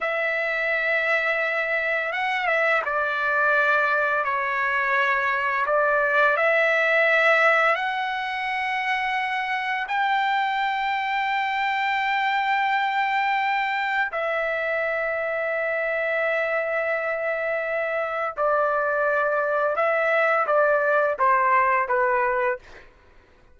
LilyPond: \new Staff \with { instrumentName = "trumpet" } { \time 4/4 \tempo 4 = 85 e''2. fis''8 e''8 | d''2 cis''2 | d''4 e''2 fis''4~ | fis''2 g''2~ |
g''1 | e''1~ | e''2 d''2 | e''4 d''4 c''4 b'4 | }